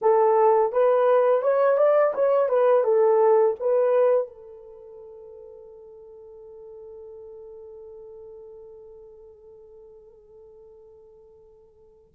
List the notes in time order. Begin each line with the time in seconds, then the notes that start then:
0.01 A4
0.72 B4
1.42 C#5
1.77 D5
2.14 C#5
2.48 B4
2.84 A4
3.59 B4
4.27 A4